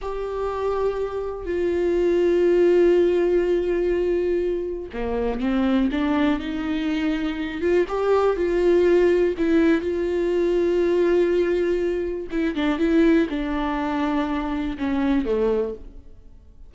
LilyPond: \new Staff \with { instrumentName = "viola" } { \time 4/4 \tempo 4 = 122 g'2. f'4~ | f'1~ | f'2 ais4 c'4 | d'4 dis'2~ dis'8 f'8 |
g'4 f'2 e'4 | f'1~ | f'4 e'8 d'8 e'4 d'4~ | d'2 cis'4 a4 | }